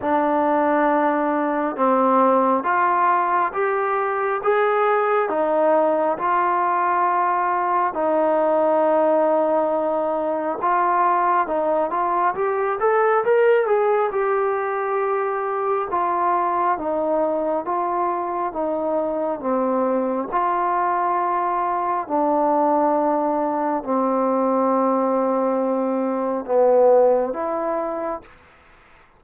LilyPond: \new Staff \with { instrumentName = "trombone" } { \time 4/4 \tempo 4 = 68 d'2 c'4 f'4 | g'4 gis'4 dis'4 f'4~ | f'4 dis'2. | f'4 dis'8 f'8 g'8 a'8 ais'8 gis'8 |
g'2 f'4 dis'4 | f'4 dis'4 c'4 f'4~ | f'4 d'2 c'4~ | c'2 b4 e'4 | }